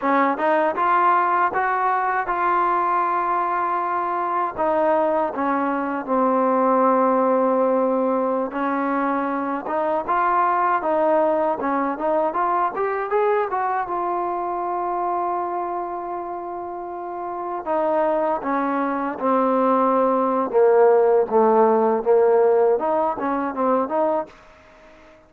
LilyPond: \new Staff \with { instrumentName = "trombone" } { \time 4/4 \tempo 4 = 79 cis'8 dis'8 f'4 fis'4 f'4~ | f'2 dis'4 cis'4 | c'2.~ c'16 cis'8.~ | cis'8. dis'8 f'4 dis'4 cis'8 dis'16~ |
dis'16 f'8 g'8 gis'8 fis'8 f'4.~ f'16~ | f'2.~ f'16 dis'8.~ | dis'16 cis'4 c'4.~ c'16 ais4 | a4 ais4 dis'8 cis'8 c'8 dis'8 | }